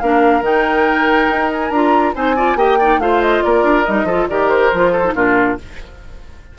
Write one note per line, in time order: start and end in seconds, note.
0.00 0.42 A#3
0.00 0.43 D4
0.00 2.15 A#4
0.00 0.43 F5
0.42 1.27 D#3
0.42 1.71 D#4
0.42 1.52 G5
1.31 1.71 D#4
1.53 1.71 G#5
1.71 2.13 D4
1.71 2.15 F4
1.71 2.14 A#5
2.15 2.55 C4
2.15 2.36 D#4
2.15 2.36 C5
2.15 2.58 G#5
2.36 2.58 F4
2.36 2.58 D5
2.55 2.98 A#3
2.55 2.79 G4
2.55 2.79 D#5
2.55 3.01 G5
2.79 3.01 D#4
2.79 3.00 D5
2.98 3.41 A3
2.98 3.87 F4
2.98 3.44 C5
2.98 3.22 F5
3.22 3.43 D#5
3.43 3.63 A#3
3.43 4.07 A#4
3.43 3.85 D5
3.63 3.85 D4
3.85 4.04 G3
3.85 4.08 D#4
3.85 4.28 D#5
4.04 4.26 F3
4.04 4.30 F4
4.04 4.28 A4
4.29 4.72 D#3
4.29 4.73 G4
4.29 4.92 A#4
4.29 4.49 D5
4.49 5.14 C5
4.73 5.14 F3
4.73 5.05 F4
4.92 5.14 A4
5.05 5.15 D#4
5.14 5.57 A#2
5.14 5.58 D4
5.14 5.58 F4
5.14 5.59 A#4